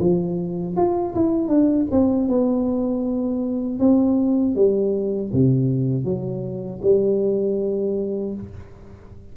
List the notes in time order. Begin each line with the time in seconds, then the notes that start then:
0.00 F3
0.77 F4
1.15 E4
1.48 D4
1.92 C4
2.29 B3
3.79 C4
4.55 G3
5.33 C3
6.05 F#3
6.83 G3